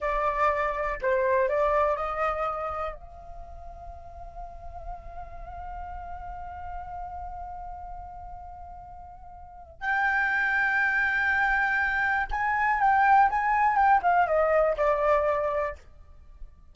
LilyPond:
\new Staff \with { instrumentName = "flute" } { \time 4/4 \tempo 4 = 122 d''2 c''4 d''4 | dis''2 f''2~ | f''1~ | f''1~ |
f''1 | g''1~ | g''4 gis''4 g''4 gis''4 | g''8 f''8 dis''4 d''2 | }